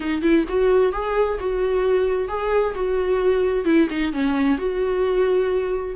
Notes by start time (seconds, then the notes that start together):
0.00 D#4
0.22 E4
0.48 F#4
0.92 G#4
1.39 F#4
2.28 G#4
2.74 F#4
3.65 E4
3.90 D#4
4.12 C#4
4.58 F#4